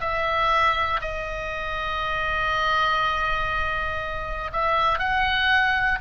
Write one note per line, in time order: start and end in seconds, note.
0.00 1.00 E5
1.01 4.51 D#5
4.52 4.98 E5
4.98 5.98 F#5